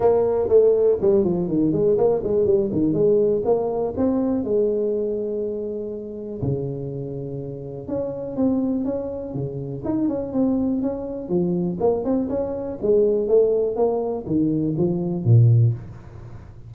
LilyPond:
\new Staff \with { instrumentName = "tuba" } { \time 4/4 \tempo 4 = 122 ais4 a4 g8 f8 dis8 gis8 | ais8 gis8 g8 dis8 gis4 ais4 | c'4 gis2.~ | gis4 cis2. |
cis'4 c'4 cis'4 cis4 | dis'8 cis'8 c'4 cis'4 f4 | ais8 c'8 cis'4 gis4 a4 | ais4 dis4 f4 ais,4 | }